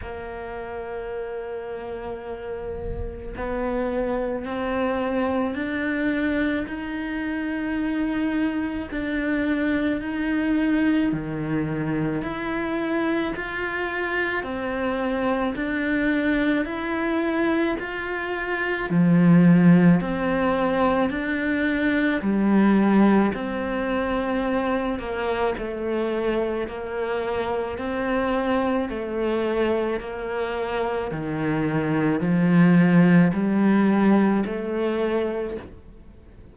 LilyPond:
\new Staff \with { instrumentName = "cello" } { \time 4/4 \tempo 4 = 54 ais2. b4 | c'4 d'4 dis'2 | d'4 dis'4 dis4 e'4 | f'4 c'4 d'4 e'4 |
f'4 f4 c'4 d'4 | g4 c'4. ais8 a4 | ais4 c'4 a4 ais4 | dis4 f4 g4 a4 | }